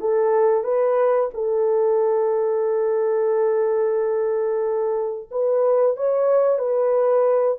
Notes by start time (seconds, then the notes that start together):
0.00 A4
0.64 B4
1.34 A4
5.31 B4
5.96 C#5
6.58 B4